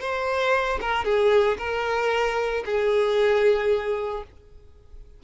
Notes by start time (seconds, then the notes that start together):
0.00 C5
0.81 A#4
1.04 G#4
1.58 A#4
2.65 G#4